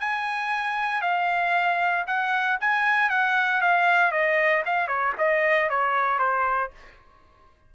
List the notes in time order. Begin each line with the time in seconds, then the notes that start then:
0.00 G#5
1.02 F5
2.07 F#5
2.61 G#5
3.10 F#5
3.61 F5
4.12 D#5
4.66 F5
4.88 C#5
5.18 D#5
5.70 C#5
6.19 C5